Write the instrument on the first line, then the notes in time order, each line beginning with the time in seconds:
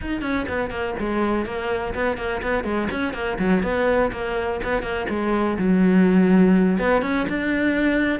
cello
0.01 D#4
0.21 C#4
0.48 B3
0.70 A#3
0.99 G#3
1.45 A#3
1.94 B3
2.17 A#3
2.42 B3
2.63 G#3
2.91 C#4
3.13 A#3
3.38 F#3
3.62 B3
4.12 A#3
4.63 B3
4.82 A#3
5.09 G#3
5.58 F#3
6.78 B3
7.02 C#4
7.28 D4